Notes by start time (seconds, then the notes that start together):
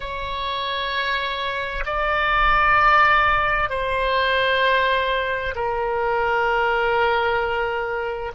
0.00 C#5
1.85 D5
3.69 C5
5.55 A#4